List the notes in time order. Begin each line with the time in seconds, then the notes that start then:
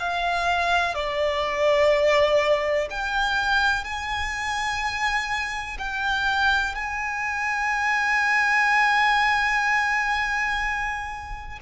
0.00 F5
0.95 D5
2.90 G5
3.84 G#5
5.79 G5
6.76 G#5